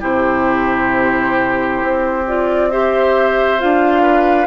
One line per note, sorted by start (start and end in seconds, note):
0.00 1.82 C3
0.00 2.24 E4
0.00 2.69 G4
0.00 2.26 C5
1.82 3.62 C4
2.27 2.71 F4
2.27 2.70 D5
2.70 3.59 G4
2.70 4.02 C5
2.70 3.60 E5
3.59 4.47 D4
3.59 4.47 F4
3.59 4.47 F5
4.02 4.47 B4